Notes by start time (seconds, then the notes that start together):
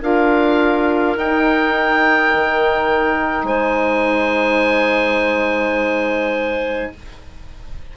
0.00 D4 F4 A#4 F5
1.16 D#4 G5
2.34 D#3
3.43 G#3 C5 G#5